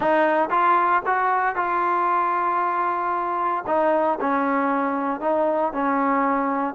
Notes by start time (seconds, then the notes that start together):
0.00 D#4
0.50 F4
1.06 F#4
1.55 F4
3.66 D#4
4.20 C#4
5.20 D#4
5.72 C#4